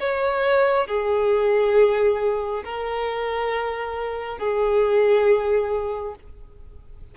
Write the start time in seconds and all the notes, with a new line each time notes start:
0.00 C#5
0.87 G#4
2.64 A#4
4.38 G#4